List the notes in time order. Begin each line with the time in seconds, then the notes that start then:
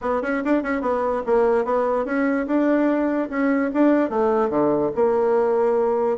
0.01 B3
0.22 C#4
0.44 D4
0.62 C#4
0.81 B3
1.26 A#3
1.64 B3
2.05 C#4
2.46 D4
3.29 C#4
3.73 D4
4.09 A3
4.49 D3
4.95 A#3